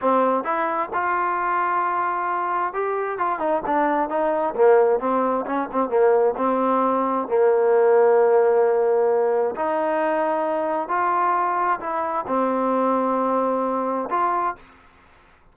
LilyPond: \new Staff \with { instrumentName = "trombone" } { \time 4/4 \tempo 4 = 132 c'4 e'4 f'2~ | f'2 g'4 f'8 dis'8 | d'4 dis'4 ais4 c'4 | cis'8 c'8 ais4 c'2 |
ais1~ | ais4 dis'2. | f'2 e'4 c'4~ | c'2. f'4 | }